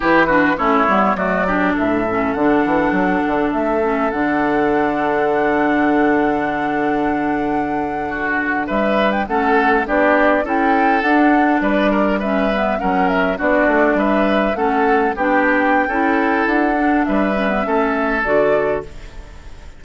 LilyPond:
<<
  \new Staff \with { instrumentName = "flute" } { \time 4/4 \tempo 4 = 102 b'4 cis''4 d''4 e''4 | fis''2 e''4 fis''4~ | fis''1~ | fis''2~ fis''8. e''8. g''16 fis''16~ |
fis''8. d''4 g''4 fis''4 d''16~ | d''8. e''4 fis''8 e''8 d''4 e''16~ | e''8. fis''4 g''2~ g''16 | fis''4 e''2 d''4 | }
  \new Staff \with { instrumentName = "oboe" } { \time 4/4 g'8 fis'8 e'4 fis'8 g'8 a'4~ | a'1~ | a'1~ | a'4.~ a'16 fis'4 b'4 a'16~ |
a'8. g'4 a'2 b'16~ | b'16 ais'8 b'4 ais'4 fis'4 b'16~ | b'8. a'4 g'4~ g'16 a'4~ | a'4 b'4 a'2 | }
  \new Staff \with { instrumentName = "clarinet" } { \time 4/4 e'8 d'8 cis'8 b8 a8 d'4 cis'8 | d'2~ d'8 cis'8 d'4~ | d'1~ | d'2.~ d'8. cis'16~ |
cis'8. d'4 e'4 d'4~ d'16~ | d'8. cis'8 b8 cis'4 d'4~ d'16~ | d'8. cis'4 d'4~ d'16 e'4~ | e'8 d'4 cis'16 b16 cis'4 fis'4 | }
  \new Staff \with { instrumentName = "bassoon" } { \time 4/4 e4 a8 g8 fis4 a,4 | d8 e8 fis8 d8 a4 d4~ | d1~ | d2~ d8. g4 a16~ |
a8. b4 cis'4 d'4 g16~ | g4.~ g16 fis4 b8 a8 g16~ | g8. a4 b4~ b16 cis'4 | d'4 g4 a4 d4 | }
>>